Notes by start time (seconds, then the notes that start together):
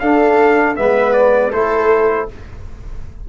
0.00 D4 A4 F5
0.76 G#3 B3 B4 E5
1.13 D5
1.51 A3 E4 A4 C5